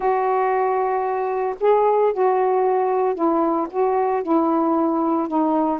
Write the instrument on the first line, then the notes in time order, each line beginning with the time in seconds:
saxophone
0.00 F#4
1.60 G#4
2.13 F#4
3.15 E4
3.70 F#4
4.22 E4
5.28 D#4